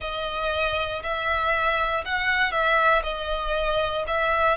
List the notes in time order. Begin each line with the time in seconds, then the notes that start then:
0.00 D#5
1.02 E5
2.05 F#5
2.51 E5
3.03 D#5
4.07 E5